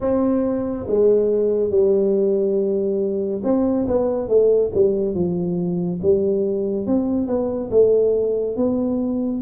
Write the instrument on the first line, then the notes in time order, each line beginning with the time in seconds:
tuba
0.00 C4
0.87 G#3
1.70 G3
3.43 C4
3.87 B3
4.28 A3
4.74 G3
5.14 F3
6.02 G3
6.86 C4
7.27 B3
7.71 A3
8.56 B3